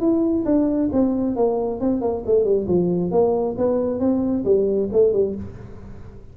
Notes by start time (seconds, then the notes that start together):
0.00 E4
0.45 D4
0.92 C4
1.36 A#3
1.80 C4
2.01 A#3
2.26 A3
2.44 G3
2.67 F3
3.11 A#3
3.58 B3
4.00 C4
4.45 G3
4.92 A3
5.13 G3